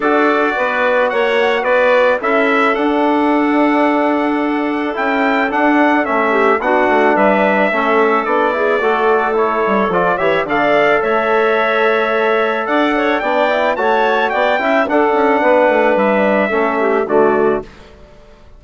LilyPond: <<
  \new Staff \with { instrumentName = "trumpet" } { \time 4/4 \tempo 4 = 109 d''2 fis''4 d''4 | e''4 fis''2.~ | fis''4 g''4 fis''4 e''4 | fis''4 e''2 d''4~ |
d''4 cis''4 d''8 e''8 f''4 | e''2. fis''4 | g''4 a''4 g''4 fis''4~ | fis''4 e''2 d''4 | }
  \new Staff \with { instrumentName = "clarinet" } { \time 4/4 a'4 b'4 cis''4 b'4 | a'1~ | a'2.~ a'8 g'8 | fis'4 b'4 a'4. gis'8 |
a'2~ a'8 cis''8 d''4 | cis''2. d''8 cis''8 | d''4 cis''4 d''8 e''8 a'4 | b'2 a'8 g'8 fis'4 | }
  \new Staff \with { instrumentName = "trombone" } { \time 4/4 fis'1 | e'4 d'2.~ | d'4 e'4 d'4 cis'4 | d'2 cis'4 d'8 e'8 |
fis'4 e'4 f'8 g'8 a'4~ | a'1 | d'8 e'8 fis'4. e'8 d'4~ | d'2 cis'4 a4 | }
  \new Staff \with { instrumentName = "bassoon" } { \time 4/4 d'4 b4 ais4 b4 | cis'4 d'2.~ | d'4 cis'4 d'4 a4 | b8 a8 g4 a4 b4 |
a4. g8 f8 e8 d4 | a2. d'4 | b4 a4 b8 cis'8 d'8 cis'8 | b8 a8 g4 a4 d4 | }
>>